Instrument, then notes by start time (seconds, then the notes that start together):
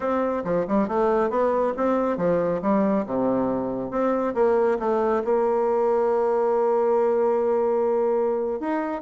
bassoon
0.00 C4
0.44 F3
0.67 G3
0.87 A3
1.29 B3
1.76 C4
2.17 F3
2.61 G3
3.06 C3
3.90 C4
4.34 A#3
4.79 A3
5.24 A#3
8.59 D#4